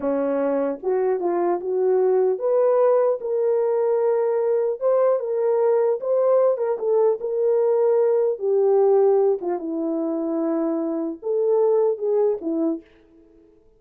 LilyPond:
\new Staff \with { instrumentName = "horn" } { \time 4/4 \tempo 4 = 150 cis'2 fis'4 f'4 | fis'2 b'2 | ais'1 | c''4 ais'2 c''4~ |
c''8 ais'8 a'4 ais'2~ | ais'4 g'2~ g'8 f'8 | e'1 | a'2 gis'4 e'4 | }